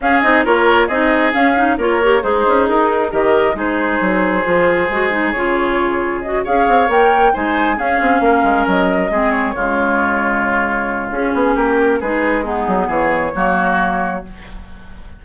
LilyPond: <<
  \new Staff \with { instrumentName = "flute" } { \time 4/4 \tempo 4 = 135 f''8 dis''8 cis''4 dis''4 f''4 | cis''4 c''4 ais'4 dis''4 | c''1 | cis''2 dis''8 f''4 g''8~ |
g''8 gis''4 f''2 dis''8~ | dis''4 cis''2.~ | cis''4 gis'4 ais'4 b'4 | gis'4 cis''2. | }
  \new Staff \with { instrumentName = "oboe" } { \time 4/4 gis'4 ais'4 gis'2 | ais'4 dis'2 ais'4 | gis'1~ | gis'2~ gis'8 cis''4.~ |
cis''8 c''4 gis'4 ais'4.~ | ais'8 gis'4 f'2~ f'8~ | f'2 g'4 gis'4 | dis'4 gis'4 fis'2 | }
  \new Staff \with { instrumentName = "clarinet" } { \time 4/4 cis'8 dis'8 f'4 dis'4 cis'8 dis'8 | f'8 g'8 gis'2 g'4 | dis'2 f'4 fis'8 dis'8 | f'2 fis'8 gis'4 ais'8~ |
ais'8 dis'4 cis'2~ cis'8~ | cis'8 c'4 gis2~ gis8~ | gis4 cis'2 dis'4 | b2 ais2 | }
  \new Staff \with { instrumentName = "bassoon" } { \time 4/4 cis'8 c'8 ais4 c'4 cis'4 | ais4 gis8 cis'8 dis'4 dis4 | gis4 fis4 f4 gis4 | cis2~ cis8 cis'8 c'8 ais8~ |
ais8 gis4 cis'8 c'8 ais8 gis8 fis8~ | fis8 gis4 cis2~ cis8~ | cis4 cis'8 b8 ais4 gis4~ | gis8 fis8 e4 fis2 | }
>>